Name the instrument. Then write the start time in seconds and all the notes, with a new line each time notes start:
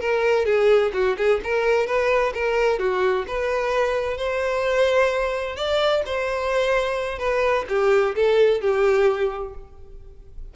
violin
0.00 A#4
0.45 G#4
0.93 F#4
1.17 G#4
1.43 A#4
1.86 B4
2.33 A#4
2.79 F#4
3.27 B4
4.17 C5
5.56 D5
6.05 C5
7.18 B4
7.68 G4
8.15 A4
8.61 G4